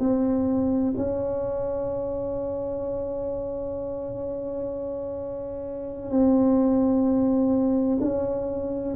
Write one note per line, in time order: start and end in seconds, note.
0.00 0.94 C4
0.97 6.10 C#4
6.10 7.98 C4
8.01 8.95 C#4